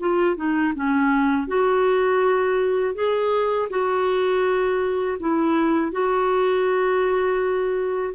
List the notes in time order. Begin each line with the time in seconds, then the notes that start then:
0.00 F4
0.36 D#4
0.75 C#4
1.47 F#4
2.95 G#4
3.70 F#4
5.20 E4
5.92 F#4